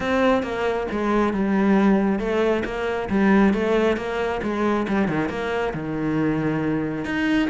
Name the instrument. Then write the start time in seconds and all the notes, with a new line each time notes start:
cello
0.00 C4
0.42 A#3
0.91 G#3
1.33 G3
2.19 A3
2.64 A#3
3.09 G3
3.53 A3
3.96 A#3
4.42 G#3
4.87 G3
5.08 D#3
5.29 A#3
5.73 D#3
7.04 D#4